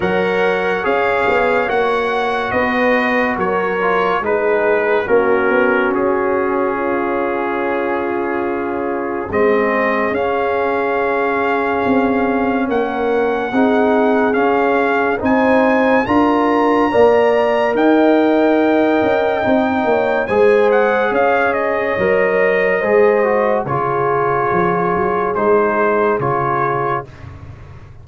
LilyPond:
<<
  \new Staff \with { instrumentName = "trumpet" } { \time 4/4 \tempo 4 = 71 fis''4 f''4 fis''4 dis''4 | cis''4 b'4 ais'4 gis'4~ | gis'2. dis''4 | f''2. fis''4~ |
fis''4 f''4 gis''4 ais''4~ | ais''4 g''2. | gis''8 fis''8 f''8 dis''2~ dis''8 | cis''2 c''4 cis''4 | }
  \new Staff \with { instrumentName = "horn" } { \time 4/4 cis''2. b'4 | ais'4 gis'4 fis'2 | f'2. gis'4~ | gis'2. ais'4 |
gis'2 c''4 ais'4 | d''4 dis''2~ dis''8 cis''8 | c''4 cis''2 c''4 | gis'1 | }
  \new Staff \with { instrumentName = "trombone" } { \time 4/4 ais'4 gis'4 fis'2~ | fis'8 f'8 dis'4 cis'2~ | cis'2. c'4 | cis'1 |
dis'4 cis'4 dis'4 f'4 | ais'2. dis'4 | gis'2 ais'4 gis'8 fis'8 | f'2 dis'4 f'4 | }
  \new Staff \with { instrumentName = "tuba" } { \time 4/4 fis4 cis'8 b8 ais4 b4 | fis4 gis4 ais8 b8 cis'4~ | cis'2. gis4 | cis'2 c'4 ais4 |
c'4 cis'4 c'4 d'4 | ais4 dis'4. cis'8 c'8 ais8 | gis4 cis'4 fis4 gis4 | cis4 f8 fis8 gis4 cis4 | }
>>